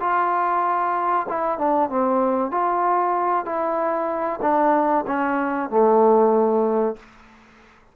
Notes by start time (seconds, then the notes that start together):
0.00 F4
1.29 E4
1.58 D4
1.89 C4
2.51 F4
3.45 E4
4.42 D4
5.07 C#4
5.70 A3